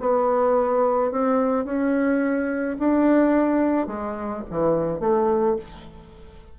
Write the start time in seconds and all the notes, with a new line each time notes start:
0.00 B3
1.11 C4
1.65 C#4
2.79 D4
3.86 G#3
4.50 E3
5.00 A3